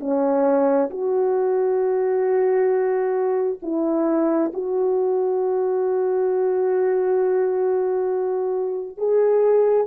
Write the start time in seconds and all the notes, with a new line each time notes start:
0.00 C#4
0.90 F#4
3.63 E4
4.54 F#4
8.98 G#4